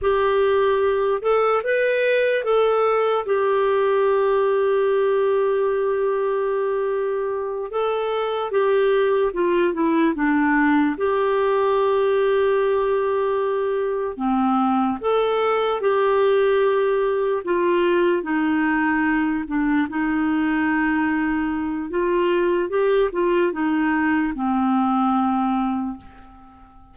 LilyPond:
\new Staff \with { instrumentName = "clarinet" } { \time 4/4 \tempo 4 = 74 g'4. a'8 b'4 a'4 | g'1~ | g'4. a'4 g'4 f'8 | e'8 d'4 g'2~ g'8~ |
g'4. c'4 a'4 g'8~ | g'4. f'4 dis'4. | d'8 dis'2~ dis'8 f'4 | g'8 f'8 dis'4 c'2 | }